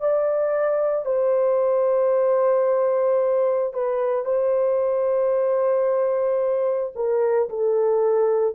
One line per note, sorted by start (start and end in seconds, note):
0.00 1.05 D5
1.05 3.73 C5
3.73 4.25 B4
4.25 6.93 C5
6.95 7.49 A#4
7.50 8.55 A4